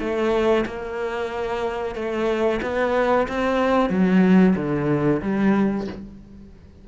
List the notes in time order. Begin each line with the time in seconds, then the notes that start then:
0.00 A3
0.66 A#3
1.96 A3
2.62 B3
3.28 C4
3.90 F#3
4.56 D3
5.22 G3